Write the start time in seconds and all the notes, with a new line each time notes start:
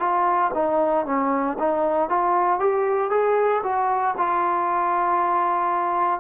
0.00 F4
0.55 D#4
1.06 C#4
1.59 D#4
2.10 F4
2.61 G4
3.11 G#4
3.64 F#4
4.18 F4